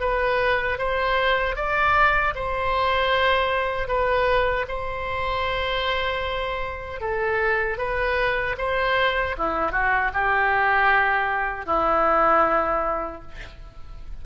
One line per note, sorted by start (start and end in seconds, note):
0.00 0.78 B4
0.78 1.55 C5
1.55 2.33 D5
2.34 3.87 C5
3.87 4.65 B4
4.68 7.01 C5
7.01 7.78 A4
7.78 8.56 B4
8.57 9.35 C5
9.38 9.72 E4
9.72 10.11 F#4
10.13 11.66 G4
11.66 13.21 E4